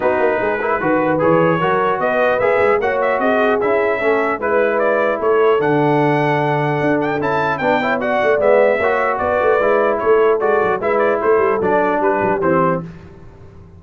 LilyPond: <<
  \new Staff \with { instrumentName = "trumpet" } { \time 4/4 \tempo 4 = 150 b'2. cis''4~ | cis''4 dis''4 e''4 fis''8 e''8 | dis''4 e''2 b'4 | d''4 cis''4 fis''2~ |
fis''4. g''8 a''4 g''4 | fis''4 e''2 d''4~ | d''4 cis''4 d''4 e''8 d''8 | c''4 d''4 b'4 c''4 | }
  \new Staff \with { instrumentName = "horn" } { \time 4/4 fis'4 gis'8 ais'8 b'2 | ais'4 b'2 cis''4 | gis'2 a'4 b'4~ | b'4 a'2.~ |
a'2. b'8 cis''8 | d''2 cis''4 b'4~ | b'4 a'2 b'4 | a'2 g'2 | }
  \new Staff \with { instrumentName = "trombone" } { \time 4/4 dis'4. e'8 fis'4 gis'4 | fis'2 gis'4 fis'4~ | fis'4 e'4 cis'4 e'4~ | e'2 d'2~ |
d'2 e'4 d'8 e'8 | fis'4 b4 fis'2 | e'2 fis'4 e'4~ | e'4 d'2 c'4 | }
  \new Staff \with { instrumentName = "tuba" } { \time 4/4 b8 ais8 gis4 dis4 e4 | fis4 b4 ais8 gis8 ais4 | c'4 cis'4 a4 gis4~ | gis4 a4 d2~ |
d4 d'4 cis'4 b4~ | b8 a8 gis4 ais4 b8 a8 | gis4 a4 gis8 fis8 gis4 | a8 g8 fis4 g8 fis8 e4 | }
>>